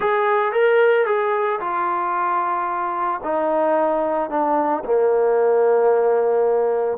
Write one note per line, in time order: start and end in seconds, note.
0.00 0.52 G#4
0.52 1.06 A#4
1.06 1.59 G#4
1.60 3.20 F4
3.23 4.30 D#4
4.30 4.83 D4
4.85 6.98 A#3